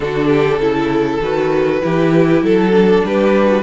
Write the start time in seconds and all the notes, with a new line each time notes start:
0.00 D3 D4 F#4 A4
0.27 G4
0.58 C#3 E4 A4
1.21 D#3 F#4 B4
1.81 E3 E4 G4
2.42 F#3 A4
2.71 D4
3.04 G3 G4 B4
3.46 F#4